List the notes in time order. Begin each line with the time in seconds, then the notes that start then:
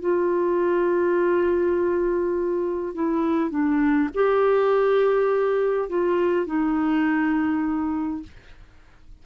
0.00 F4
2.94 E4
3.50 D4
4.14 G4
5.89 F4
6.46 D#4